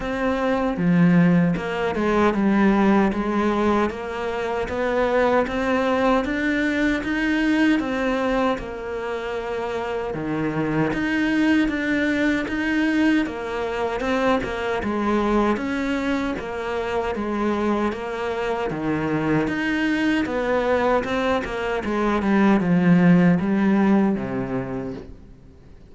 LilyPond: \new Staff \with { instrumentName = "cello" } { \time 4/4 \tempo 4 = 77 c'4 f4 ais8 gis8 g4 | gis4 ais4 b4 c'4 | d'4 dis'4 c'4 ais4~ | ais4 dis4 dis'4 d'4 |
dis'4 ais4 c'8 ais8 gis4 | cis'4 ais4 gis4 ais4 | dis4 dis'4 b4 c'8 ais8 | gis8 g8 f4 g4 c4 | }